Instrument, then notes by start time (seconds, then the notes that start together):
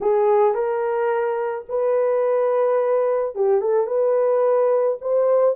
horn
0.01 G#4
0.54 A#4
1.68 B4
3.35 G4
3.61 A4
3.87 B4
5.01 C5